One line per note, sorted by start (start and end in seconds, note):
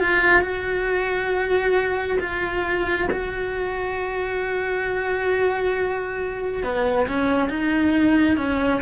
0.00 0.42 F4
0.42 2.18 F#4
2.20 3.08 F4
3.11 6.63 F#4
6.63 7.07 B3
7.08 7.49 C#4
7.49 8.37 D#4
8.37 8.81 C#4